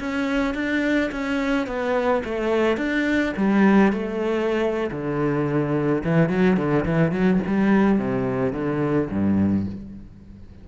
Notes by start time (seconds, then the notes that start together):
0.00 C#4
0.55 D4
1.12 C#4
1.67 B3
2.25 A3
2.77 D4
3.37 G3
3.93 A3
4.91 D3
6.04 E3
6.30 F#3
6.57 D3
6.85 E3
7.12 F#3
7.47 G3
7.99 C3
8.53 D3
9.10 G2